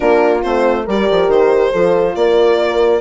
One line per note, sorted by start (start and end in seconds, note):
0.00 0.44 A#3
0.00 0.42 D4
0.00 0.84 F4
0.00 0.41 A#4
0.42 0.87 A3
0.42 0.86 C4
0.42 0.85 C5
0.84 1.08 G3
0.84 1.74 G4
0.84 1.70 A#4
0.84 1.30 D5
1.10 1.27 F3
1.27 1.71 D#3
1.27 2.15 C5
1.72 2.15 F3
1.72 3.01 F4
1.72 2.15 A4
2.15 3.01 A#3
2.15 3.01 A#4
2.15 3.01 D5